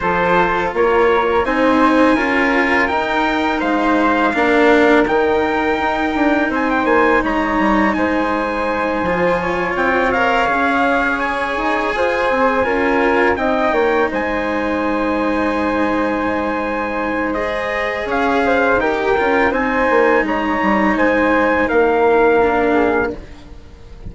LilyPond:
<<
  \new Staff \with { instrumentName = "trumpet" } { \time 4/4 \tempo 4 = 83 c''4 cis''4 gis''2 | g''4 f''2 g''4~ | g''4 gis''16 g''16 gis''8 ais''4 gis''4~ | gis''4. g''8 f''4. gis''8~ |
gis''2~ gis''8 g''4 gis''8~ | gis''1 | dis''4 f''4 g''4 gis''4 | ais''4 gis''4 f''2 | }
  \new Staff \with { instrumentName = "flute" } { \time 4/4 a'4 ais'4 c''4 ais'4~ | ais'4 c''4 ais'2~ | ais'4 c''4 cis''4 c''4~ | c''4 cis''2.~ |
cis''8 c''4 ais'4 dis''8 cis''8 c''8~ | c''1~ | c''4 cis''8 c''8 ais'4 c''4 | cis''4 c''4 ais'4. gis'8 | }
  \new Staff \with { instrumentName = "cello" } { \time 4/4 f'2 dis'4 f'4 | dis'2 d'4 dis'4~ | dis'1~ | dis'8 f'4. ais'8 gis'4.~ |
gis'4. f'4 dis'4.~ | dis'1 | gis'2 g'8 f'8 dis'4~ | dis'2. d'4 | }
  \new Staff \with { instrumentName = "bassoon" } { \time 4/4 f4 ais4 c'4 cis'4 | dis'4 gis4 ais4 dis4 | dis'8 d'8 c'8 ais8 gis8 g8 gis4~ | gis8 f4 c'4 cis'4. |
dis'8 f'8 c'8 cis'4 c'8 ais8 gis8~ | gis1~ | gis4 cis'4 dis'8 cis'8 c'8 ais8 | gis8 g8 gis4 ais2 | }
>>